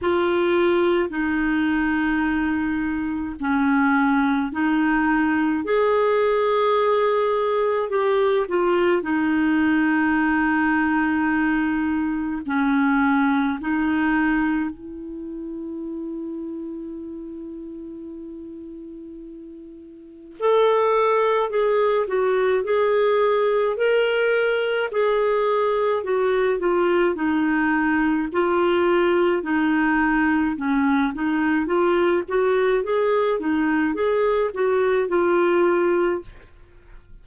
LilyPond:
\new Staff \with { instrumentName = "clarinet" } { \time 4/4 \tempo 4 = 53 f'4 dis'2 cis'4 | dis'4 gis'2 g'8 f'8 | dis'2. cis'4 | dis'4 e'2.~ |
e'2 a'4 gis'8 fis'8 | gis'4 ais'4 gis'4 fis'8 f'8 | dis'4 f'4 dis'4 cis'8 dis'8 | f'8 fis'8 gis'8 dis'8 gis'8 fis'8 f'4 | }